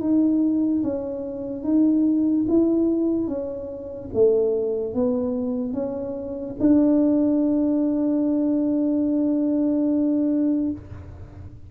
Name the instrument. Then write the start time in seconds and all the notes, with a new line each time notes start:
tuba
0.00 D#4
0.83 C#4
1.63 D#4
2.48 E4
3.27 C#4
4.14 A3
4.94 B3
5.73 C#4
6.60 D4